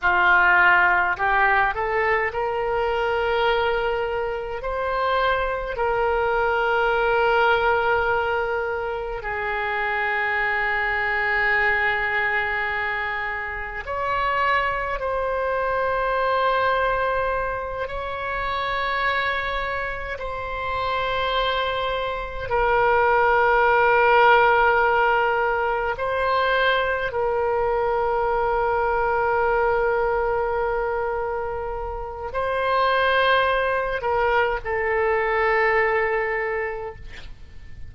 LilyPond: \new Staff \with { instrumentName = "oboe" } { \time 4/4 \tempo 4 = 52 f'4 g'8 a'8 ais'2 | c''4 ais'2. | gis'1 | cis''4 c''2~ c''8 cis''8~ |
cis''4. c''2 ais'8~ | ais'2~ ais'8 c''4 ais'8~ | ais'1 | c''4. ais'8 a'2 | }